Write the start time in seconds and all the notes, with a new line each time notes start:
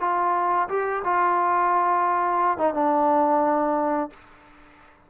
0.00 F4
0.68 G4
1.04 F4
2.58 D#4
2.74 D4